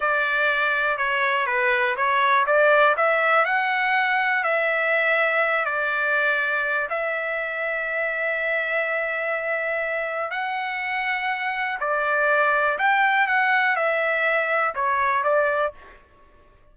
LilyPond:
\new Staff \with { instrumentName = "trumpet" } { \time 4/4 \tempo 4 = 122 d''2 cis''4 b'4 | cis''4 d''4 e''4 fis''4~ | fis''4 e''2~ e''8 d''8~ | d''2 e''2~ |
e''1~ | e''4 fis''2. | d''2 g''4 fis''4 | e''2 cis''4 d''4 | }